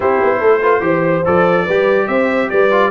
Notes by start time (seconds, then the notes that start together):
0.00 C4 E4 G4 C5
0.22 B3
0.39 A3 A4
0.61 F4 B4
0.81 E3 G4 C5
1.25 F3 A4 D5
1.65 G3 G4 B4
2.07 C4 C5 E5
2.49 G3 B4 D5
2.71 F4